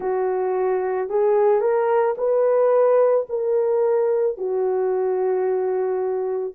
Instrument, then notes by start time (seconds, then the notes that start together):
horn
0.00 F#4
1.09 G#4
1.61 A#4
2.17 B4
3.29 A#4
4.37 F#4